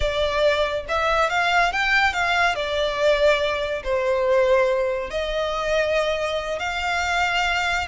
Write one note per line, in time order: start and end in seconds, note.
0.00 0.85 D5
0.88 1.29 E5
1.29 1.72 F5
1.72 2.13 G5
2.13 2.55 F5
2.55 3.82 D5
3.83 5.10 C5
5.10 6.59 D#5
6.59 7.87 F5